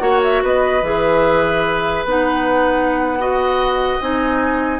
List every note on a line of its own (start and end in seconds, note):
0.00 0.42 A#3
0.00 0.82 F#4
0.00 0.43 C#5
0.00 0.20 F#5
0.23 0.44 E5
0.43 0.82 B3
0.43 3.19 B4
0.43 0.84 D#5
0.82 2.05 E3
0.82 2.06 G#4
0.82 2.06 E5
2.05 3.99 B3
2.05 3.19 D#4
2.05 4.02 F#5
3.19 4.01 F#4
3.19 4.80 D#5
4.01 4.80 C4
4.01 4.80 D#4
4.01 4.80 G#5